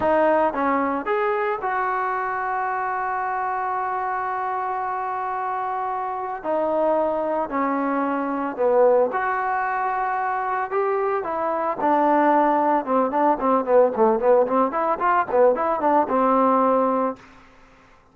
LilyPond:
\new Staff \with { instrumentName = "trombone" } { \time 4/4 \tempo 4 = 112 dis'4 cis'4 gis'4 fis'4~ | fis'1~ | fis'1 | dis'2 cis'2 |
b4 fis'2. | g'4 e'4 d'2 | c'8 d'8 c'8 b8 a8 b8 c'8 e'8 | f'8 b8 e'8 d'8 c'2 | }